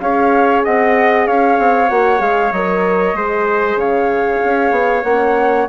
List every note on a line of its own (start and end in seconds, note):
0.00 0.64 C#4
0.00 1.89 G#4
0.00 0.64 C#5
0.00 0.63 F5
0.64 1.27 C4
0.64 1.27 D#5
0.64 1.27 F#5
1.27 1.58 C#4
1.27 3.17 C#5
1.27 1.89 F5
1.58 1.90 C4
1.89 2.20 A#3
1.89 2.18 F#4
1.89 2.21 F#5
2.18 2.51 G#3
2.18 2.50 G#4
2.18 2.52 F5
2.52 3.14 F#3
2.52 3.16 A#4
2.52 3.79 D#5
3.14 3.76 G#3
3.14 5.05 G#4
3.14 3.79 C5
3.76 4.39 C#3
3.76 5.68 C#5
3.76 5.04 F5
4.44 4.71 C#4
4.71 5.02 B3
5.04 5.67 A#3
5.04 5.69 C#4
5.04 5.67 F#5